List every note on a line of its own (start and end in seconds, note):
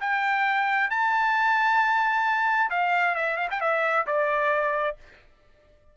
0.00 0.90 G5
0.90 2.70 A5
2.70 3.15 F5
3.15 3.36 E5
3.36 3.48 F5
3.50 3.60 G5
3.60 4.05 E5
4.06 4.96 D5